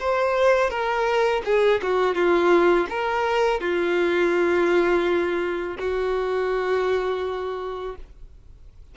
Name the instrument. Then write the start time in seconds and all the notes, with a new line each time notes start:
violin
0.00 C5
0.70 A#4
1.45 G#4
1.83 F#4
2.15 F4
2.90 A#4
3.60 F4
5.79 F#4